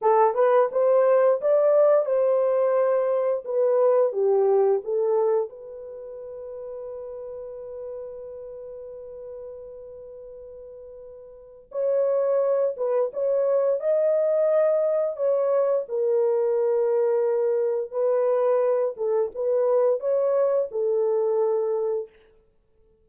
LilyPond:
\new Staff \with { instrumentName = "horn" } { \time 4/4 \tempo 4 = 87 a'8 b'8 c''4 d''4 c''4~ | c''4 b'4 g'4 a'4 | b'1~ | b'1~ |
b'4 cis''4. b'8 cis''4 | dis''2 cis''4 ais'4~ | ais'2 b'4. a'8 | b'4 cis''4 a'2 | }